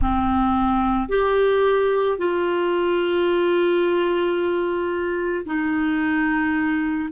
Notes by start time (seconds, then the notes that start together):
0.01 C4
1.09 G4
2.18 F4
5.45 D#4